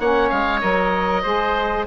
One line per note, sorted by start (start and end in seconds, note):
0.00 0.31 A#3
0.00 0.61 C#4
0.00 1.23 C#5
0.00 0.30 F#5
0.30 0.63 G#3
0.30 0.61 F5
0.61 1.25 F#3
0.61 1.23 A#4
0.61 1.86 D#5
1.23 1.87 G#3
1.23 1.86 G#4
1.23 1.85 C5